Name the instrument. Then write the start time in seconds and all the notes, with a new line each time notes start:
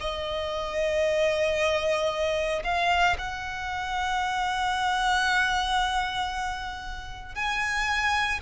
violin
0.00 D#5
2.64 F5
3.18 F#5
7.35 G#5